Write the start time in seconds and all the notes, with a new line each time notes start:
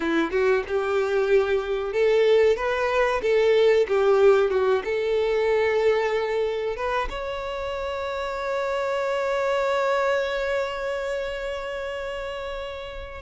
0.00 E4
0.31 F#4
0.67 G4
1.92 A4
2.56 B4
3.22 A4
3.88 G4
4.50 F#4
4.84 A4
6.76 B4
7.09 C#5